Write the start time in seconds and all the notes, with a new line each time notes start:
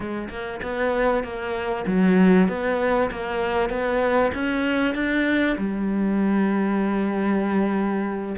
0.00 G#3
0.29 A#3
0.62 B3
1.23 A#3
1.86 F#3
2.48 B3
3.10 A#3
3.69 B3
4.34 C#4
4.94 D4
5.57 G3